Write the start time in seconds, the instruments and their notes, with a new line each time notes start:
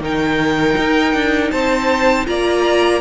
0.00 cello D#3, viola D#4, violin A#4 G5
0.78 cello D#4
1.14 cello D4
1.51 cello C4, violin C5 A5
2.26 cello A#3, viola F4, violin D5 A#5